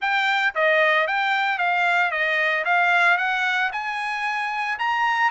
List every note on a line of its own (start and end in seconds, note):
0.01 0.54 G5
0.54 1.07 D#5
1.07 1.58 G5
1.58 2.11 F5
2.11 2.64 D#5
2.65 3.17 F5
3.17 3.70 F#5
3.72 4.78 G#5
4.78 5.30 A#5